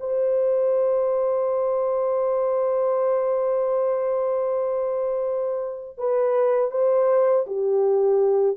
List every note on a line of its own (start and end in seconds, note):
0.00 5.98 C5
5.98 6.71 B4
6.71 7.46 C5
7.47 8.57 G4